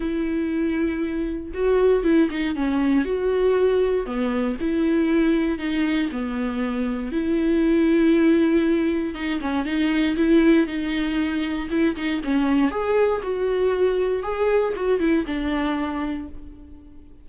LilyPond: \new Staff \with { instrumentName = "viola" } { \time 4/4 \tempo 4 = 118 e'2. fis'4 | e'8 dis'8 cis'4 fis'2 | b4 e'2 dis'4 | b2 e'2~ |
e'2 dis'8 cis'8 dis'4 | e'4 dis'2 e'8 dis'8 | cis'4 gis'4 fis'2 | gis'4 fis'8 e'8 d'2 | }